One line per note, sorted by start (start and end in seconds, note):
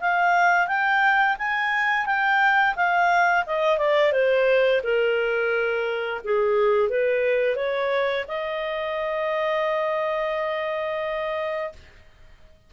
0.00 0.67 F5
0.67 1.36 G5
1.38 2.06 G#5
2.06 2.75 G5
2.76 3.45 F5
3.46 3.77 D#5
3.77 4.12 D5
4.12 4.81 C5
4.83 6.21 A#4
6.24 6.89 G#4
6.89 7.56 B4
7.56 8.25 C#5
8.28 11.72 D#5